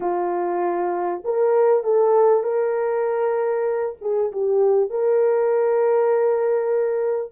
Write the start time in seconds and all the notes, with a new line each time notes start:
0.00 F4
1.24 A#4
1.83 A4
2.43 A#4
4.01 G#4
4.32 G4
4.90 A#4